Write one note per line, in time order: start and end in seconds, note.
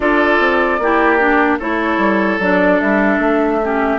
0.00 0.39 D4
0.00 0.80 F4
0.00 0.80 A4
0.00 1.57 D5
0.39 0.79 C4
0.79 1.59 A#3
0.79 1.19 E4
0.79 1.58 G4
1.19 1.59 D4
1.58 1.97 A3
1.58 2.40 E4
1.58 3.58 A4
1.58 2.40 C#5
1.97 2.37 G3
2.38 2.78 F#3
2.38 3.62 D4
2.38 2.80 D5
2.80 3.18 G3
2.80 3.99 E5
3.18 3.98 A3
3.62 3.99 C#4
3.62 3.99 G4